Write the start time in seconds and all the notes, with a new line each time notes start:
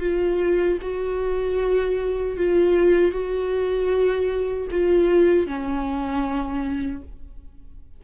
0.00 F4
0.81 F#4
2.37 F4
3.12 F#4
4.71 F4
5.46 C#4